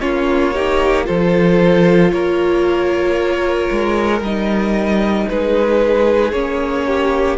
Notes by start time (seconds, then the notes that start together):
0.00 A#3 C#4 F4 C#5
0.53 D#4 G4
1.04 F3 F4 A4 C5
2.11 A#3 A#4 C#5
3.71 G#3
4.21 G3 D#4 D#5
5.29 G#3 G#4 B4
6.32 A#3 C#4 C#5
6.87 G4